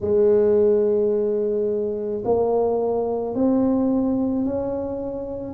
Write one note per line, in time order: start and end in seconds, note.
0.01 2.23 G#3
2.25 3.34 A#3
3.34 4.44 C4
4.44 5.54 C#4